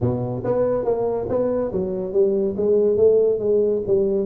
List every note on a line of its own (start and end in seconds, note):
0.00 0.43 B2
0.44 0.85 B3
0.85 1.27 A#3
1.29 1.71 B3
1.72 2.12 F#3
2.12 2.55 G3
2.56 2.96 G#3
2.96 3.39 A3
3.39 3.81 G#3
3.86 4.26 G3